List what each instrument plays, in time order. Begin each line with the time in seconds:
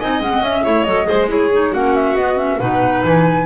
0.00 double bass C4, clarinet D#4, violin D#5, flute G#5
0.21 double bass G#3, clarinet C#4, flute F#5
0.32 clarinet C4
0.41 double bass C#4, clarinet C#4, flute E5
0.64 double bass A3, clarinet E4, violin C#5
0.84 double bass F#3, clarinet A4, flute D#5
1.05 clarinet G#4, violin C5
1.12 double bass G#3
1.28 clarinet E4, violin G#4, flute C#5
1.53 clarinet D#4
1.72 double bass A#3, clarinet C#4, violin F#4, flute F#5
1.96 flute E5
2.16 double bass B3, clarinet B3, flute D#5
2.37 clarinet C#4, flute E5
2.60 double bass B2, clarinet D#4, violin B4, flute F#5
3.05 double bass E3, flute G#5